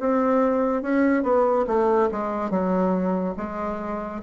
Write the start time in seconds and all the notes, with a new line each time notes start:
0.00 C4
0.82 C#4
1.23 B3
1.67 A3
2.11 G#3
2.50 F#3
3.37 G#3